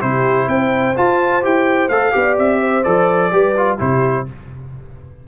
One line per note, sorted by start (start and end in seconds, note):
0.00 0.47 C3
0.00 0.94 E4
0.00 0.49 G4
0.00 0.48 C5
0.47 0.95 C4
0.47 2.16 C5
0.47 0.96 G5
0.95 1.42 F4
0.95 1.45 F4
0.95 1.44 A5
1.42 1.89 E4
1.42 1.89 G4
1.42 1.88 G5
1.88 2.12 A3
1.88 2.12 A4
1.88 2.36 F5
2.12 2.38 B3
2.12 2.82 G4
2.12 2.60 D5
2.38 2.85 C4
2.38 2.83 E5
2.60 3.31 C5
2.83 3.32 F3
2.83 3.31 A4
2.83 3.78 D5
3.32 3.79 G3
3.32 3.55 G4
3.32 3.78 B4
3.57 3.78 F4
3.78 4.27 C3
3.78 4.25 E4
3.78 4.25 G4
3.78 4.27 C5